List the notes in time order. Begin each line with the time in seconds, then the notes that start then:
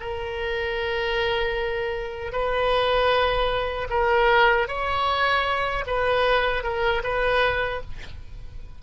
0.00 A#4
2.32 B4
3.90 A#4
4.68 C#5
5.87 B4
6.63 A#4
7.03 B4